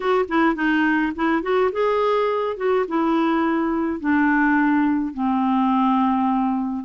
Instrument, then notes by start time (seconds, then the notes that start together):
clarinet
0.00 F#4
0.28 E4
0.55 D#4
1.15 E4
1.42 F#4
1.71 G#4
2.57 F#4
2.88 E4
4.00 D4
5.13 C4